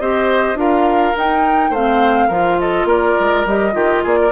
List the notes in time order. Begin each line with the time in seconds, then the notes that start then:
0.00 C4 G4 C5 D#5
0.55 D4 F4 A#4 F5
1.17 D#4 G5
1.70 A3 C4 C5 F5
2.28 F3 F4 A#4
2.59 A4 D#5
2.85 A#3 A#4 D5
3.20 G#3
3.46 G3 G4 D#5
3.73 D#3 F4 G4
4.03 A#3 G#4 D5
4.22 A#4